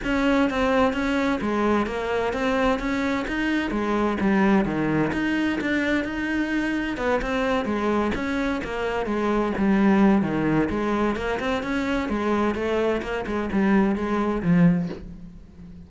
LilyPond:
\new Staff \with { instrumentName = "cello" } { \time 4/4 \tempo 4 = 129 cis'4 c'4 cis'4 gis4 | ais4 c'4 cis'4 dis'4 | gis4 g4 dis4 dis'4 | d'4 dis'2 b8 c'8~ |
c'8 gis4 cis'4 ais4 gis8~ | gis8 g4. dis4 gis4 | ais8 c'8 cis'4 gis4 a4 | ais8 gis8 g4 gis4 f4 | }